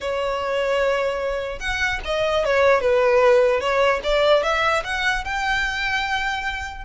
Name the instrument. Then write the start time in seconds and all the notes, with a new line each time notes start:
violin
0.00 C#5
1.59 F#5
2.04 D#5
2.45 C#5
2.80 B4
3.60 C#5
4.03 D5
4.43 E5
4.84 F#5
5.24 G5